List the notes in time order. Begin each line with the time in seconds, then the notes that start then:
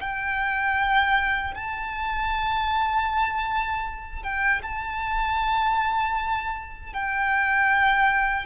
0.00 G5
1.54 A5
4.22 G5
4.62 A5
6.93 G5